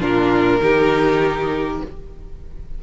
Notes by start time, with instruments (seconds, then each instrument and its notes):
0.00 cello A#2, viola D4, violin F4 A#4
0.60 cello D#3, viola D#4, violin G4